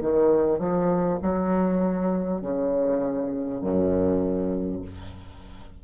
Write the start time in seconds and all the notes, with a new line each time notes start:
0.00 D#3
0.58 F3
1.22 F#3
2.41 C#3
3.61 F#2